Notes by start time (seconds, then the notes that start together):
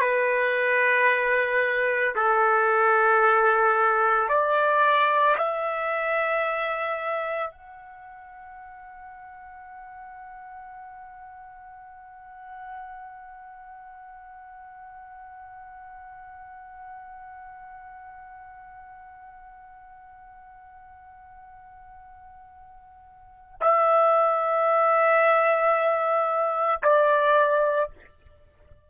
0.00 B4
2.15 A4
4.28 D5
5.37 E5
7.51 F#5
23.61 E5
26.83 D5